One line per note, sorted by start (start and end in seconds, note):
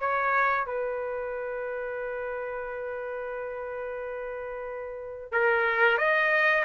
0.00 0.66 C#5
0.66 5.32 B4
5.32 5.98 A#4
5.98 6.64 D#5